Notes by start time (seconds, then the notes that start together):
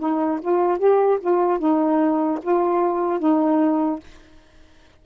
0.00 D#4
0.42 F4
0.79 G4
1.21 F4
1.59 D#4
2.43 F4
3.20 D#4